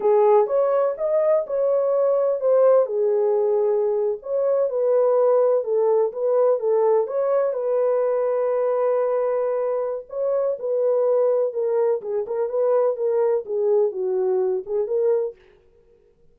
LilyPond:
\new Staff \with { instrumentName = "horn" } { \time 4/4 \tempo 4 = 125 gis'4 cis''4 dis''4 cis''4~ | cis''4 c''4 gis'2~ | gis'8. cis''4 b'2 a'16~ | a'8. b'4 a'4 cis''4 b'16~ |
b'1~ | b'4 cis''4 b'2 | ais'4 gis'8 ais'8 b'4 ais'4 | gis'4 fis'4. gis'8 ais'4 | }